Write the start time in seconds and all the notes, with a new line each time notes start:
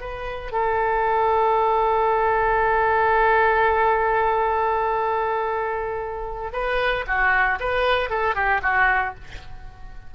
0.00 B4
0.52 A4
6.52 B4
7.07 F#4
7.60 B4
8.10 A4
8.35 G4
8.62 F#4